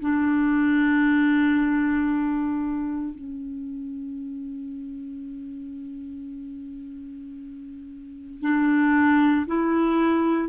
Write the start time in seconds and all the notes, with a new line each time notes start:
0.00 D4
3.15 C#4
8.41 D4
9.46 E4